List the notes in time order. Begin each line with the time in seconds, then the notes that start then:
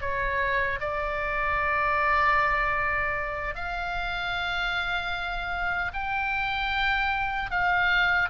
0.00 C#5
0.80 D5
3.55 F5
5.93 G5
7.50 F5